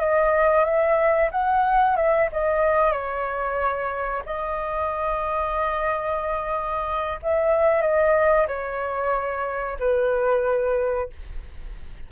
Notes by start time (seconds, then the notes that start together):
0.00 D#5
0.65 E5
1.32 F#5
1.97 E5
2.33 D#5
2.93 C#5
4.26 D#5
7.23 E5
7.82 D#5
8.48 C#5
9.80 B4